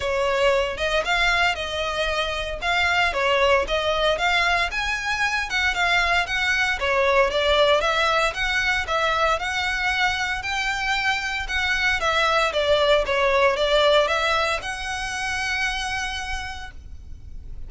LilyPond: \new Staff \with { instrumentName = "violin" } { \time 4/4 \tempo 4 = 115 cis''4. dis''8 f''4 dis''4~ | dis''4 f''4 cis''4 dis''4 | f''4 gis''4. fis''8 f''4 | fis''4 cis''4 d''4 e''4 |
fis''4 e''4 fis''2 | g''2 fis''4 e''4 | d''4 cis''4 d''4 e''4 | fis''1 | }